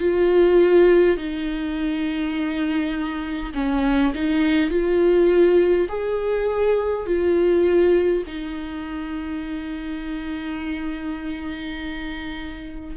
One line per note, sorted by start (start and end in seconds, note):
0.00 1.18 F4
1.18 3.53 D#4
3.55 4.13 C#4
4.15 4.71 D#4
4.71 5.88 F4
5.89 7.06 G#4
7.06 8.24 F4
8.27 12.97 D#4